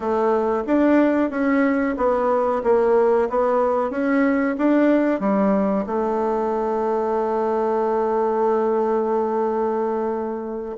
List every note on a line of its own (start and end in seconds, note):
0.00 0.63 A3
0.67 1.30 D4
1.30 1.95 C#4
1.97 2.62 B3
2.63 3.28 A#3
3.29 3.90 B3
3.90 4.55 C#4
4.58 5.19 D4
5.19 5.85 G3
5.86 10.75 A3